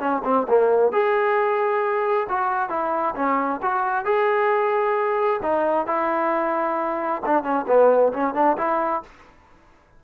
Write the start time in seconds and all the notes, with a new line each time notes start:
0.00 C#4
0.25 C4
0.49 A#3
0.93 G#4
2.29 F#4
2.70 E4
3.16 C#4
3.63 F#4
4.06 G#4
5.43 D#4
5.87 E4
7.26 D4
7.43 C#4
7.68 B3
8.13 C#4
8.35 D4
8.58 E4